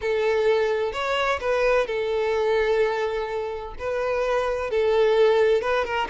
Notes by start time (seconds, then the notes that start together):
0.01 A4
0.92 C#5
1.40 B4
1.86 A4
3.78 B4
4.70 A4
5.61 B4
5.84 A#4